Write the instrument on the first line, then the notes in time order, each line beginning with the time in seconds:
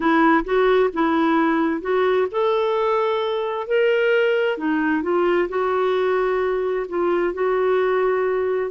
clarinet
0.00 E4
0.44 F#4
0.93 E4
1.81 F#4
2.31 A4
3.67 A#4
4.57 D#4
5.02 F4
5.49 F#4
6.88 F4
7.33 F#4